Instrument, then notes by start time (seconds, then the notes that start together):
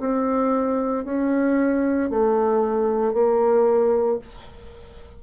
bassoon
0.00 C4
1.05 C#4
2.10 A3
3.13 A#3